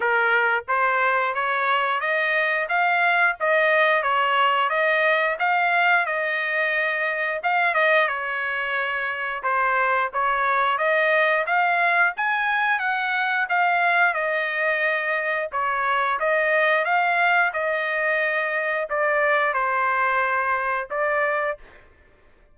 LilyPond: \new Staff \with { instrumentName = "trumpet" } { \time 4/4 \tempo 4 = 89 ais'4 c''4 cis''4 dis''4 | f''4 dis''4 cis''4 dis''4 | f''4 dis''2 f''8 dis''8 | cis''2 c''4 cis''4 |
dis''4 f''4 gis''4 fis''4 | f''4 dis''2 cis''4 | dis''4 f''4 dis''2 | d''4 c''2 d''4 | }